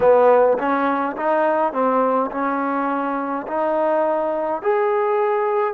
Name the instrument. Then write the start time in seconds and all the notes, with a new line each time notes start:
trombone
0.00 B3
0.58 C#4
1.16 D#4
1.73 C4
2.31 C#4
3.47 D#4
4.62 G#4